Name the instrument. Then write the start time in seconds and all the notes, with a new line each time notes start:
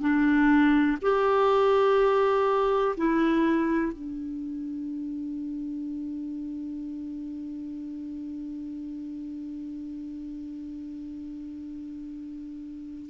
clarinet
0.00 D4
1.01 G4
2.96 E4
3.92 D4